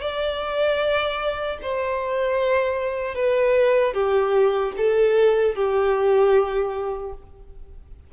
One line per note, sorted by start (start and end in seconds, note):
0.00 1.58 D5
1.62 3.15 C5
3.15 3.94 B4
3.94 4.73 G4
4.77 5.55 A4
5.55 7.13 G4